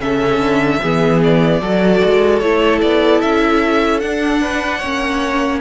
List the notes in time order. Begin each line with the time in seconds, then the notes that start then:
0.00 C#3 C#4 A4 E5
0.40 D3
0.82 E3 B3 G#4
1.23 D5
1.62 F#3 F#4 A4
2.05 G#3
2.39 A3 E4 C#5
2.81 B3 D5
3.21 C#4 E5
4.00 D4 F#5
4.41 B4
4.79 A#3 C#4 C#5